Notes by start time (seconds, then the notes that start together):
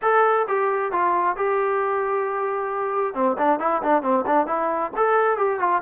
0.02 A4
0.48 G4
0.92 F4
1.36 G4
3.14 C4
3.38 D4
3.59 E4
3.82 D4
4.02 C4
4.26 D4
4.46 E4
4.96 A4
5.37 G4
5.59 F4